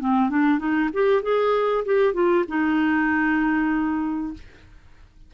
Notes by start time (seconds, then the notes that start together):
0.00 C4
0.30 D4
0.59 D#4
0.93 G4
1.23 G#4
1.85 G4
2.14 F4
2.48 D#4